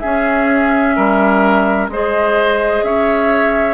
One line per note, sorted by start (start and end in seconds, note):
0.00 1.90 C#4
0.00 0.97 C#4
0.00 0.95 G#4
0.00 1.88 E5
0.96 1.88 G3
0.96 1.90 A#4
1.88 2.82 G#3
1.88 3.74 G#4
1.88 2.86 C5
1.88 2.84 D#5
2.83 3.74 C#4
2.83 3.74 C#5
2.83 3.74 E5